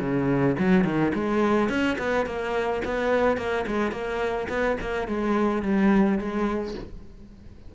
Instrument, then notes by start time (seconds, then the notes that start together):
cello
0.00 C#3
0.59 F#3
0.85 D#3
1.14 G#3
1.69 C#4
1.99 B3
2.26 A#3
2.85 B3
3.37 A#3
3.67 G#3
3.92 A#3
4.49 B3
4.81 A#3
5.08 G#3
5.63 G3
6.19 G#3